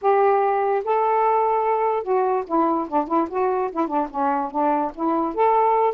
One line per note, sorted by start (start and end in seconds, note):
0.01 0.83 G4
0.84 2.03 A4
2.03 2.44 F#4
2.46 2.87 E4
2.88 3.07 D4
3.07 3.28 E4
3.29 3.70 F#4
3.71 3.87 E4
3.87 4.08 D4
4.10 4.50 C#4
4.50 4.91 D4
4.94 5.34 E4
5.34 5.94 A4